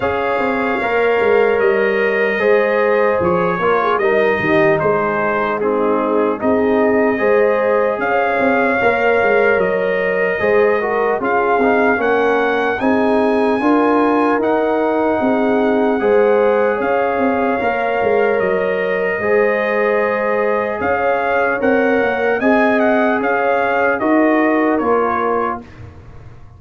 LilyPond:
<<
  \new Staff \with { instrumentName = "trumpet" } { \time 4/4 \tempo 4 = 75 f''2 dis''2 | cis''4 dis''4 c''4 gis'4 | dis''2 f''2 | dis''2 f''4 fis''4 |
gis''2 fis''2~ | fis''4 f''2 dis''4~ | dis''2 f''4 fis''4 | gis''8 fis''8 f''4 dis''4 cis''4 | }
  \new Staff \with { instrumentName = "horn" } { \time 4/4 cis''2. c''4~ | c''8 ais'16 gis'16 ais'8 g'8 gis'4 dis'4 | gis'4 c''4 cis''2~ | cis''4 c''8 ais'8 gis'4 ais'4 |
gis'4 ais'2 gis'4 | c''4 cis''2. | c''2 cis''2 | dis''4 cis''4 ais'2 | }
  \new Staff \with { instrumentName = "trombone" } { \time 4/4 gis'4 ais'2 gis'4~ | gis'8 f'8 dis'2 c'4 | dis'4 gis'2 ais'4~ | ais'4 gis'8 fis'8 f'8 dis'8 cis'4 |
dis'4 f'4 dis'2 | gis'2 ais'2 | gis'2. ais'4 | gis'2 fis'4 f'4 | }
  \new Staff \with { instrumentName = "tuba" } { \time 4/4 cis'8 c'8 ais8 gis8 g4 gis4 | f8 ais8 g8 dis8 gis2 | c'4 gis4 cis'8 c'8 ais8 gis8 | fis4 gis4 cis'8 c'8 ais4 |
c'4 d'4 dis'4 c'4 | gis4 cis'8 c'8 ais8 gis8 fis4 | gis2 cis'4 c'8 ais8 | c'4 cis'4 dis'4 ais4 | }
>>